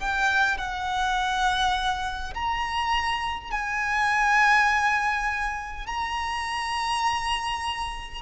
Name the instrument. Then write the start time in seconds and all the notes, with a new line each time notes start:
violin
0.00 G5
0.58 F#5
2.35 A#5
3.52 G#5
5.87 A#5